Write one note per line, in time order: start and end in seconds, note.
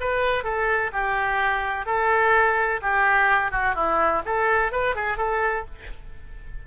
0.00 0.43 B4
0.43 0.91 A4
0.92 1.86 G4
1.86 2.80 A4
2.82 3.51 G4
3.51 3.75 F#4
3.75 4.22 E4
4.25 4.72 A4
4.72 4.95 B4
4.95 5.17 G#4
5.17 5.65 A4